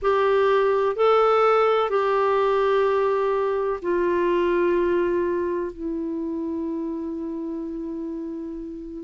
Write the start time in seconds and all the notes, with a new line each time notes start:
0.02 G4
0.96 A4
1.89 G4
3.82 F4
5.72 E4